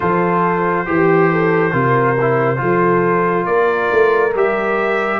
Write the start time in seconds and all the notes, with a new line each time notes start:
0.00 F3 F4 A4 C5
0.86 E3 G4
1.31 A4
1.72 C3 F4 A#4
2.21 E4
2.56 F3 F4 A4
3.45 A#3 A#4 D5
3.91 A3
4.34 G3 G4 E5